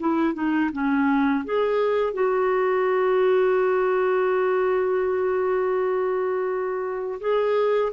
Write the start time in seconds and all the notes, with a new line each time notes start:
0.00 E4
0.34 D#4
0.72 C#4
1.45 G#4
2.14 F#4
7.21 G#4